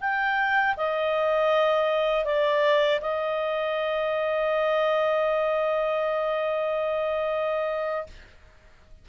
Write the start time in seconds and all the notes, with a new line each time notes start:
0.00 G5
0.77 D#5
2.25 D5
3.00 D#5